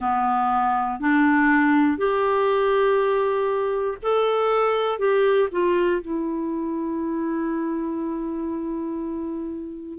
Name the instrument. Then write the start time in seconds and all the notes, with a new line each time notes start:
clarinet
0.00 B3
1.00 D4
1.97 G4
4.02 A4
4.99 G4
5.51 F4
6.01 E4